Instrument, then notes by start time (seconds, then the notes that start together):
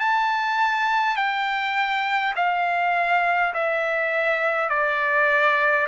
trumpet
0.00 A5
1.17 G5
2.36 F5
3.54 E5
4.70 D5